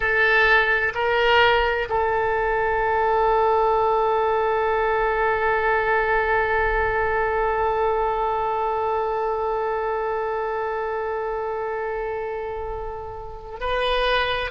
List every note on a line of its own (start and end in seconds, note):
0.00 0.93 A4
0.94 1.88 A#4
1.89 13.60 A4
13.60 14.51 B4